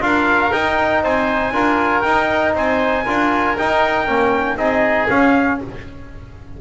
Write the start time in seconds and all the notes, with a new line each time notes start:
0.00 D4 F4 A#4 F5
0.52 D#4 G5
1.03 C4 C5 G#5
1.52 D4 F4 A#4
2.01 D#4 G5
2.55 C4 C5 G#5
3.05 D4 F4 A#4
3.58 D#4 G5
4.06 A#3 C#4
4.57 C4 D#4 G#4 D#5
5.09 C#4 F5